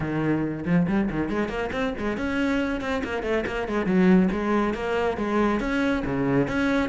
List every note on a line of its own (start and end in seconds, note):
0.00 0.64 D#3
0.65 0.86 F3
0.87 1.09 G3
1.10 1.29 D#3
1.29 1.48 G#3
1.48 1.70 A#3
1.72 1.94 C4
1.98 2.17 G#3
2.17 2.80 C#4
2.80 3.02 C4
3.04 3.23 A#3
3.23 3.44 A3
3.46 3.67 A#3
3.67 3.85 G#3
3.85 4.29 F#3
4.31 4.73 G#3
4.73 5.17 A#3
5.17 5.60 G#3
5.60 6.03 C#4
6.05 6.47 C#3
6.47 6.89 C#4